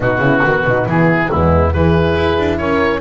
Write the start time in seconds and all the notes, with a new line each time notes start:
0.00 B2 B3 D#4 F#4
0.18 C#3 E4
0.44 D#3 F#4
0.64 B2 D#4
0.86 E3 E4 G#4
1.30 E2 G#3 B3 E4
1.72 E3 E4 G#4 B4
2.16 E4
2.38 D4
2.57 C#4 A#4 C#5